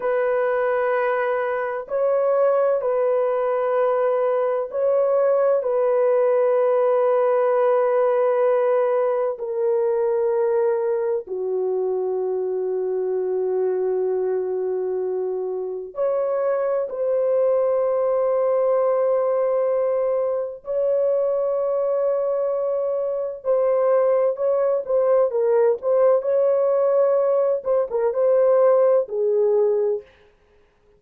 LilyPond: \new Staff \with { instrumentName = "horn" } { \time 4/4 \tempo 4 = 64 b'2 cis''4 b'4~ | b'4 cis''4 b'2~ | b'2 ais'2 | fis'1~ |
fis'4 cis''4 c''2~ | c''2 cis''2~ | cis''4 c''4 cis''8 c''8 ais'8 c''8 | cis''4. c''16 ais'16 c''4 gis'4 | }